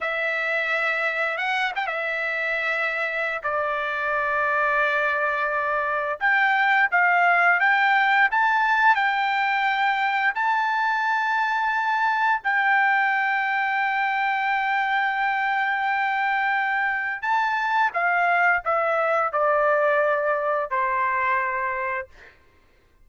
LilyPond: \new Staff \with { instrumentName = "trumpet" } { \time 4/4 \tempo 4 = 87 e''2 fis''8 g''16 e''4~ e''16~ | e''4 d''2.~ | d''4 g''4 f''4 g''4 | a''4 g''2 a''4~ |
a''2 g''2~ | g''1~ | g''4 a''4 f''4 e''4 | d''2 c''2 | }